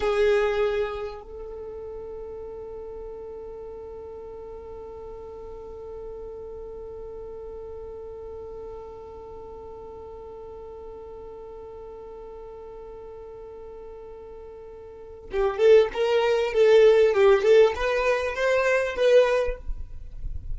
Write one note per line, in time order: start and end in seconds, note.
0.00 1.22 G#4
1.22 15.30 A4
15.31 15.57 G4
15.57 15.88 A4
15.93 16.53 A#4
16.53 17.13 A4
17.13 17.43 G4
17.43 17.73 A4
17.76 18.35 B4
18.35 18.95 C5
18.95 19.57 B4